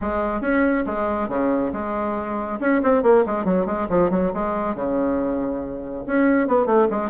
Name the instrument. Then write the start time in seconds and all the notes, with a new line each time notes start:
bassoon
0.01 G#3
0.41 C#4
0.85 G#3
1.28 C#3
1.72 G#3
2.60 C#4
2.82 C4
3.02 A#3
3.26 G#3
3.45 F#3
3.66 G#3
3.89 F3
4.10 F#3
4.33 G#3
4.75 C#3
6.06 C#4
6.47 B3
6.66 A3
6.90 G#3